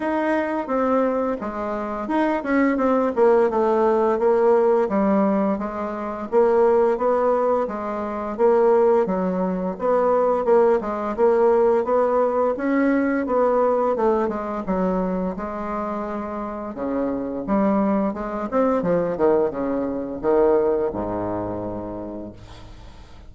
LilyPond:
\new Staff \with { instrumentName = "bassoon" } { \time 4/4 \tempo 4 = 86 dis'4 c'4 gis4 dis'8 cis'8 | c'8 ais8 a4 ais4 g4 | gis4 ais4 b4 gis4 | ais4 fis4 b4 ais8 gis8 |
ais4 b4 cis'4 b4 | a8 gis8 fis4 gis2 | cis4 g4 gis8 c'8 f8 dis8 | cis4 dis4 gis,2 | }